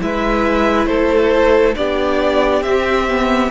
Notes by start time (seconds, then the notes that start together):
0.00 G#3 E4 B4 E5
0.86 A3 A4 C5
1.76 B3 D4 G4 D5
2.61 C4 E5
3.08 B3